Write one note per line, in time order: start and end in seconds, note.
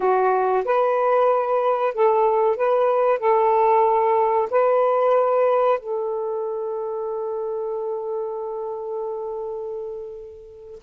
0.00 0.64 F#4
0.65 1.94 B4
1.94 2.56 A4
2.56 3.19 B4
3.19 4.48 A4
4.50 5.79 B4
5.79 10.79 A4